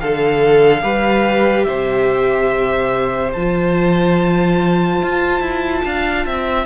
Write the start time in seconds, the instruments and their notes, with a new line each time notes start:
0.00 cello D3, viola A4, violin A4 F5
0.81 cello G3, viola G4, violin B4
1.64 cello C3, violin C5 E5
3.33 cello F3, viola F4, violin A5
5.01 cello F4
5.40 cello E4
5.84 cello D4, violin F5
6.26 cello C4, violin E5